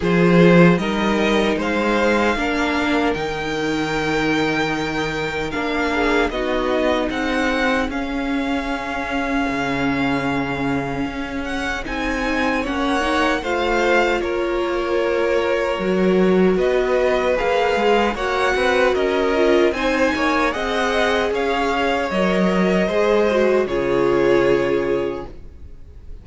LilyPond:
<<
  \new Staff \with { instrumentName = "violin" } { \time 4/4 \tempo 4 = 76 c''4 dis''4 f''2 | g''2. f''4 | dis''4 fis''4 f''2~ | f''2~ f''8 fis''8 gis''4 |
fis''4 f''4 cis''2~ | cis''4 dis''4 f''4 fis''4 | dis''4 gis''4 fis''4 f''4 | dis''2 cis''2 | }
  \new Staff \with { instrumentName = "violin" } { \time 4/4 gis'4 ais'4 c''4 ais'4~ | ais'2.~ ais'8 gis'8 | fis'4 gis'2.~ | gis'1 |
cis''4 c''4 ais'2~ | ais'4 b'2 cis''8 b'8 | ais'4 c''8 cis''8 dis''4 cis''4~ | cis''4 c''4 gis'2 | }
  \new Staff \with { instrumentName = "viola" } { \time 4/4 f'4 dis'2 d'4 | dis'2. d'4 | dis'2 cis'2~ | cis'2. dis'4 |
cis'8 dis'8 f'2. | fis'2 gis'4 fis'4~ | fis'8 f'8 dis'4 gis'2 | ais'4 gis'8 fis'8 f'2 | }
  \new Staff \with { instrumentName = "cello" } { \time 4/4 f4 g4 gis4 ais4 | dis2. ais4 | b4 c'4 cis'2 | cis2 cis'4 c'4 |
ais4 a4 ais2 | fis4 b4 ais8 gis8 ais8 c'8 | cis'4 c'8 ais8 c'4 cis'4 | fis4 gis4 cis2 | }
>>